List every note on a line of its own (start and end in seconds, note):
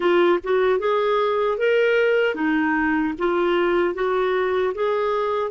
0.00 0.39 F4
0.43 0.79 F#4
0.79 1.58 G#4
1.58 2.35 A#4
2.35 3.14 D#4
3.18 3.94 F4
3.94 4.73 F#4
4.74 5.50 G#4